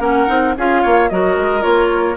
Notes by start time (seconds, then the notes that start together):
0.00 A#3 C#4 A#4 F#5
0.28 C4 D#4
0.57 C#4 F4 G#4 F5
0.83 A#3 C#5
1.10 F#3 F#4 A#4 D#5
1.37 G#3
1.61 A#3 F4 C#5